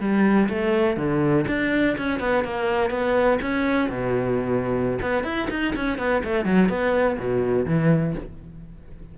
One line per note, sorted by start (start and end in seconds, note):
0.00 0.49 G3
0.49 0.97 A3
0.97 1.45 D3
1.48 1.97 D4
1.98 2.20 C#4
2.20 2.44 B3
2.44 2.90 A#3
2.90 3.39 B3
3.41 3.90 C#4
3.90 4.99 B2
5.02 5.24 B3
5.24 5.48 E4
5.50 5.74 D#4
5.76 5.98 C#4
5.98 6.23 B3
6.24 6.45 A3
6.45 6.69 F#3
6.69 7.18 B3
7.19 7.66 B2
7.66 8.15 E3